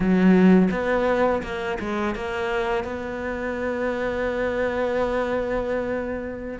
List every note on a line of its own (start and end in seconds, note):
0.00 0.69 F#3
0.70 1.42 B3
1.42 1.78 A#3
1.79 2.15 G#3
2.15 2.84 A#3
2.84 6.59 B3